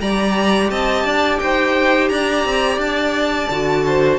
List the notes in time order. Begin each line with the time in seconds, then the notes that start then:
0.00 G3 G4 D5 A#5
0.70 C4 D#5 A5
1.04 D4 D5
1.39 D#4 C5 G5
2.09 D4 D5 A#5
2.45 C4
2.78 D4 A5
3.49 D3 F#4
3.86 C5